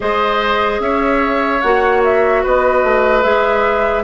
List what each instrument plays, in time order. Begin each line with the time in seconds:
0.00 bassoon G#3, clarinet G#4, oboe C5, flute D#5
0.79 bassoon C#4, oboe C#5, flute E5
1.61 bassoon A#3, clarinet F#4, flute F#5
2.04 flute E5
2.42 bassoon B3, oboe B4, flute D#5
2.83 bassoon A3
3.22 bassoon G#3, clarinet G#4, flute E5